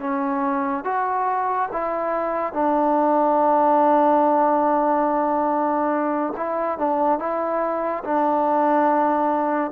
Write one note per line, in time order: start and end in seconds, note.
0.00 0.85 C#4
0.85 1.69 F#4
1.72 2.54 E4
2.54 6.34 D4
6.37 6.78 E4
6.78 7.19 D4
7.19 8.04 E4
8.05 9.72 D4